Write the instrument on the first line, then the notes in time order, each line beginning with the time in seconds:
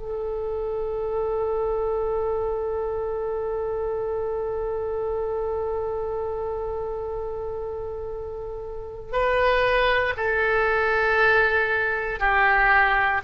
oboe
0.00 A4
9.13 B4
10.17 A4
12.20 G4